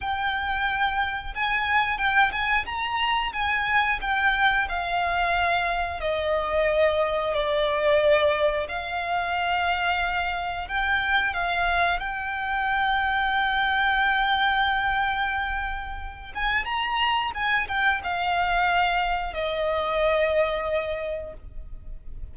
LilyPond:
\new Staff \with { instrumentName = "violin" } { \time 4/4 \tempo 4 = 90 g''2 gis''4 g''8 gis''8 | ais''4 gis''4 g''4 f''4~ | f''4 dis''2 d''4~ | d''4 f''2. |
g''4 f''4 g''2~ | g''1~ | g''8 gis''8 ais''4 gis''8 g''8 f''4~ | f''4 dis''2. | }